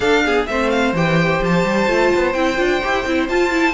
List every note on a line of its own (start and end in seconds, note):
0.00 0.45 D4
0.00 0.24 D4
0.00 0.23 A4
0.00 0.44 F5
0.24 0.47 B3
0.24 0.48 G#4
0.46 0.92 A3
0.46 0.95 C4
0.46 3.74 C5
0.46 0.69 E5
0.69 0.93 F5
0.92 1.39 E3
0.92 1.87 G4
0.92 1.43 G5
1.42 1.64 F3
1.42 2.32 A5
1.64 1.87 G3
1.87 2.10 A3
1.87 2.34 F4
2.15 2.35 B3
2.32 2.58 C4
2.32 2.56 E4
2.32 3.26 G5
2.56 2.81 D4
2.56 2.79 F4
2.82 3.06 E4
2.82 3.06 G4
3.06 3.28 C4
3.06 3.30 E4
3.28 3.74 F4
3.28 3.51 F4
3.28 3.74 A5
3.51 3.74 E4